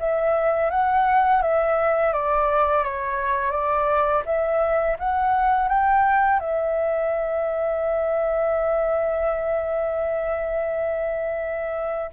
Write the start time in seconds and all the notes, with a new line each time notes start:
0.00 E5
0.71 F#5
1.43 E5
2.13 D5
2.84 C#5
3.52 D5
4.26 E5
5.00 F#5
5.69 G5
6.40 E5